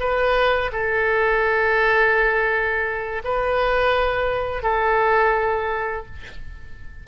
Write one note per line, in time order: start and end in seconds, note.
0.00 0.71 B4
0.72 3.22 A4
3.24 4.63 B4
4.63 6.06 A4